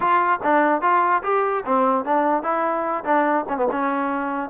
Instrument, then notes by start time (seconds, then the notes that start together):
trombone
0.00 F4
0.43 D4
0.81 F4
1.23 G4
1.65 C4
2.05 D4
2.42 E4
3.04 D4
3.48 C#4
3.57 B3
3.71 C#4